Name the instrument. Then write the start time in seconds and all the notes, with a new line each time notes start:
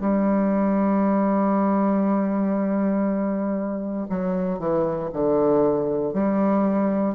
bassoon
0.00 G3
4.09 F#3
4.59 E3
5.13 D3
6.13 G3